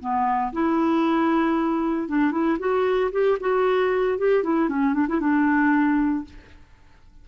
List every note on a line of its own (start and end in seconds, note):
0.00 0.52 B3
0.53 2.08 E4
2.08 2.32 D4
2.32 2.58 E4
2.59 3.11 F#4
3.12 3.38 G4
3.40 4.18 F#4
4.18 4.43 G4
4.43 4.69 E4
4.69 4.94 C#4
4.94 5.07 D4
5.08 5.20 E4
5.20 6.25 D4